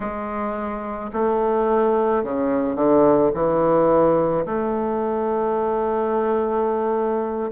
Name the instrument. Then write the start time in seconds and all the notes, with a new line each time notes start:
bassoon
0.00 G#3
1.13 A3
2.23 C#3
2.75 D3
3.34 E3
4.45 A3